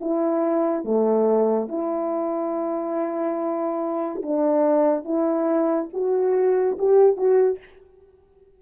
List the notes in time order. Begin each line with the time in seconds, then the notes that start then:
0.00 E4
0.85 A3
1.69 E4
4.23 D4
5.04 E4
5.93 F#4
6.78 G4
7.16 F#4